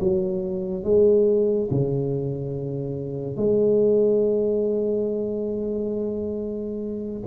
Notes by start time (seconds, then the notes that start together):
0.00 F#3
0.84 G#3
1.71 C#3
3.37 G#3